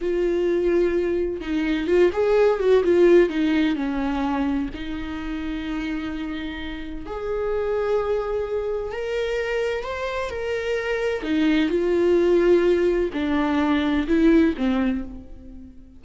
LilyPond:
\new Staff \with { instrumentName = "viola" } { \time 4/4 \tempo 4 = 128 f'2. dis'4 | f'8 gis'4 fis'8 f'4 dis'4 | cis'2 dis'2~ | dis'2. gis'4~ |
gis'2. ais'4~ | ais'4 c''4 ais'2 | dis'4 f'2. | d'2 e'4 c'4 | }